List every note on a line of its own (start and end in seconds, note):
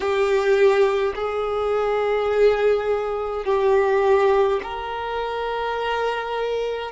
0.00 1.13 G4
1.15 3.45 G#4
3.45 4.60 G4
4.63 6.91 A#4